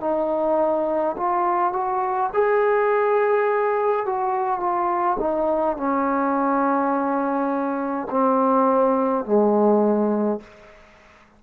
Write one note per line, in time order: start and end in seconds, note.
0.00 1.15 D#4
1.16 1.73 F4
1.73 2.30 F#4
2.33 4.05 G#4
4.05 4.59 F#4
4.59 5.17 F4
5.19 5.77 D#4
5.77 8.08 C#4
8.10 9.25 C4
9.25 10.40 G#3